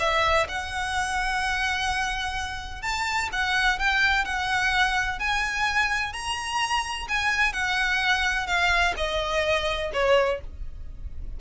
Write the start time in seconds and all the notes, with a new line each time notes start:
0.00 E5
0.49 F#5
2.83 A5
3.33 F#5
3.79 G5
4.25 F#5
5.19 G#5
6.13 A#5
7.09 G#5
7.54 F#5
8.47 F5
8.97 D#5
9.94 C#5